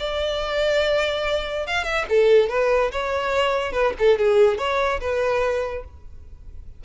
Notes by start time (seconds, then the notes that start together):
0.00 D5
1.67 F5
1.85 E5
2.10 A4
2.50 B4
2.92 C#5
3.73 B4
3.99 A4
4.19 G#4
4.58 C#5
5.01 B4